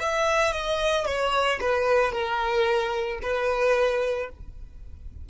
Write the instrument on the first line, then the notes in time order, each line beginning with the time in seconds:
violin
0.00 E5
0.53 D#5
1.06 C#5
1.61 B4
2.12 A#4
3.22 B4